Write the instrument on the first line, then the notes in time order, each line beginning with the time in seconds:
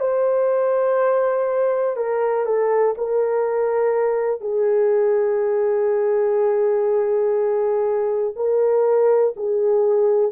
horn
0.00 C5
1.96 A#4
2.45 A4
2.98 A#4
4.41 G#4
8.36 A#4
9.36 G#4